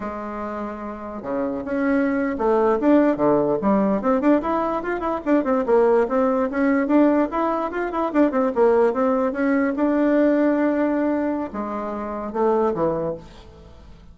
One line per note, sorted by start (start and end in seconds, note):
0.00 1.22 G#3
1.22 1.63 C#3
1.64 2.36 C#4
2.37 2.79 A3
2.79 3.16 D4
3.16 3.57 D3
3.61 4.01 G3
4.01 4.20 C4
4.20 4.41 D4
4.41 4.83 E4
4.83 5.00 F4
5.00 5.20 E4
5.25 5.44 D4
5.44 5.64 C4
5.66 6.07 A#3
6.08 6.49 C4
6.50 6.87 C#4
6.87 7.28 D4
7.31 7.71 E4
7.71 7.91 F4
7.91 8.12 E4
8.13 8.31 D4
8.31 8.51 C4
8.54 8.93 A#3
8.93 9.32 C4
9.32 9.73 C#4
9.75 11.50 D4
11.53 12.32 G#3
12.32 12.73 A3
12.73 13.15 E3